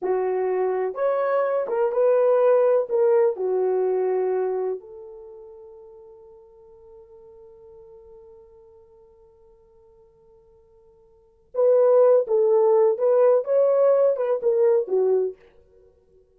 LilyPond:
\new Staff \with { instrumentName = "horn" } { \time 4/4 \tempo 4 = 125 fis'2 cis''4. ais'8 | b'2 ais'4 fis'4~ | fis'2 a'2~ | a'1~ |
a'1~ | a'1 | b'4. a'4. b'4 | cis''4. b'8 ais'4 fis'4 | }